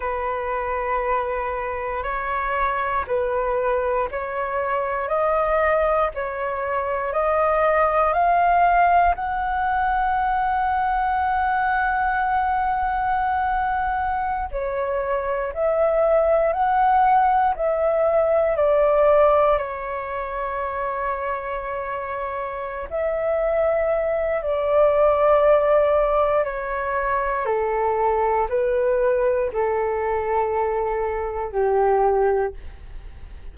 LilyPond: \new Staff \with { instrumentName = "flute" } { \time 4/4 \tempo 4 = 59 b'2 cis''4 b'4 | cis''4 dis''4 cis''4 dis''4 | f''4 fis''2.~ | fis''2~ fis''16 cis''4 e''8.~ |
e''16 fis''4 e''4 d''4 cis''8.~ | cis''2~ cis''8 e''4. | d''2 cis''4 a'4 | b'4 a'2 g'4 | }